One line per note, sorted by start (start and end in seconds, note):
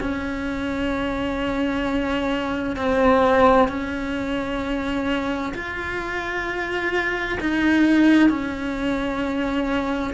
0.00 2.77 C#4
2.77 3.69 C4
3.69 5.53 C#4
5.55 7.39 F4
7.41 8.30 D#4
8.30 10.15 C#4